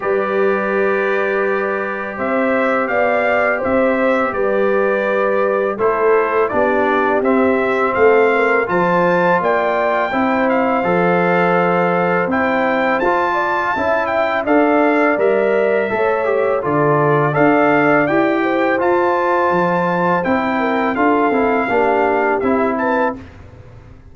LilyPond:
<<
  \new Staff \with { instrumentName = "trumpet" } { \time 4/4 \tempo 4 = 83 d''2. e''4 | f''4 e''4 d''2 | c''4 d''4 e''4 f''4 | a''4 g''4. f''4.~ |
f''4 g''4 a''4. g''8 | f''4 e''2 d''4 | f''4 g''4 a''2 | g''4 f''2 e''8 a''8 | }
  \new Staff \with { instrumentName = "horn" } { \time 4/4 b'2. c''4 | d''4 c''4 b'2 | a'4 g'2 a'8 ais'8 | c''4 d''4 c''2~ |
c''2~ c''8 d''8 e''4 | d''2 cis''4 a'4 | d''4. c''2~ c''8~ | c''8 ais'8 a'4 g'4. b'8 | }
  \new Staff \with { instrumentName = "trombone" } { \time 4/4 g'1~ | g'1 | e'4 d'4 c'2 | f'2 e'4 a'4~ |
a'4 e'4 f'4 e'4 | a'4 ais'4 a'8 g'8 f'4 | a'4 g'4 f'2 | e'4 f'8 e'8 d'4 e'4 | }
  \new Staff \with { instrumentName = "tuba" } { \time 4/4 g2. c'4 | b4 c'4 g2 | a4 b4 c'4 a4 | f4 ais4 c'4 f4~ |
f4 c'4 f'4 cis'4 | d'4 g4 a4 d4 | d'4 e'4 f'4 f4 | c'4 d'8 c'8 ais4 c'4 | }
>>